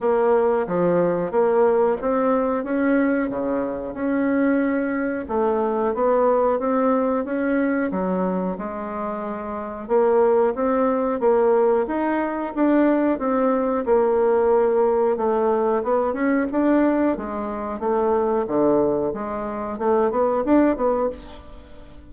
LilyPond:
\new Staff \with { instrumentName = "bassoon" } { \time 4/4 \tempo 4 = 91 ais4 f4 ais4 c'4 | cis'4 cis4 cis'2 | a4 b4 c'4 cis'4 | fis4 gis2 ais4 |
c'4 ais4 dis'4 d'4 | c'4 ais2 a4 | b8 cis'8 d'4 gis4 a4 | d4 gis4 a8 b8 d'8 b8 | }